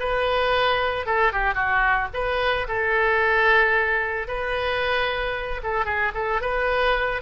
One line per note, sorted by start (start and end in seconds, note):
0.00 1.06 B4
1.06 1.33 A4
1.33 1.55 G4
1.55 2.08 F#4
2.14 2.67 B4
2.68 4.28 A4
4.28 5.62 B4
5.63 5.86 A4
5.86 6.12 G#4
6.15 6.41 A4
6.41 7.22 B4